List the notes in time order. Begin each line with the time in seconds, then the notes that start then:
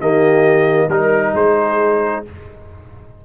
0.00 D#3 A#3 G4 D#5
0.88 G3 D#4 A#4
1.34 G#3 G#4 C5